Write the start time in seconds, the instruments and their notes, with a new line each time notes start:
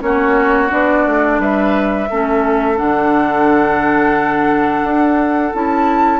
0.00 bassoon A#3, clarinet C#4, oboe F#4, flute C#5
0.69 bassoon B3, clarinet D4, flute D5
1.06 bassoon A3
1.39 bassoon G3, oboe B4, flute E5
2.09 bassoon A3, clarinet C#4, oboe A4
2.76 bassoon D3, clarinet D4, flute F#5
4.83 bassoon D4
5.54 bassoon C#4, clarinet E4, flute A5